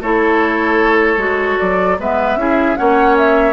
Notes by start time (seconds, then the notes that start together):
0.00 A3 E4 A4 C#5
1.16 G#3 F#4
1.59 F#3 D5
1.99 G#3 B3 B4 E5
2.36 C#4 E4 G#4
2.75 A#3 C#4 C#5 F#5
3.17 E5